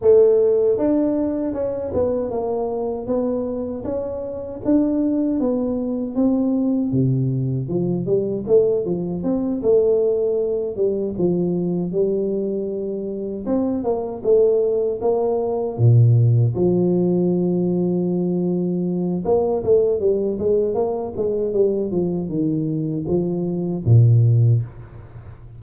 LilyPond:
\new Staff \with { instrumentName = "tuba" } { \time 4/4 \tempo 4 = 78 a4 d'4 cis'8 b8 ais4 | b4 cis'4 d'4 b4 | c'4 c4 f8 g8 a8 f8 | c'8 a4. g8 f4 g8~ |
g4. c'8 ais8 a4 ais8~ | ais8 ais,4 f2~ f8~ | f4 ais8 a8 g8 gis8 ais8 gis8 | g8 f8 dis4 f4 ais,4 | }